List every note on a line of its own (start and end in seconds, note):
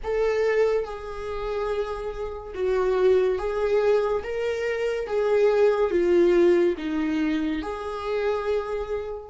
0.03 0.85 A4
0.85 2.54 G#4
2.54 3.38 F#4
3.38 4.23 G#4
4.23 5.07 A#4
5.07 5.90 G#4
5.90 6.75 F4
6.77 7.61 D#4
7.61 9.30 G#4